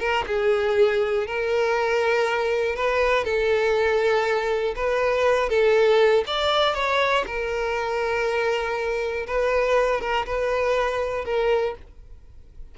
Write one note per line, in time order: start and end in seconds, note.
0.00 0.25 A#4
0.27 1.27 G#4
1.27 2.76 A#4
2.76 3.25 B4
3.25 4.75 A4
4.76 5.49 B4
5.49 6.24 A4
6.27 6.75 D5
6.75 7.25 C#5
7.27 9.27 A#4
9.27 10.01 B4
10.01 10.26 A#4
10.27 11.25 B4
11.25 11.75 A#4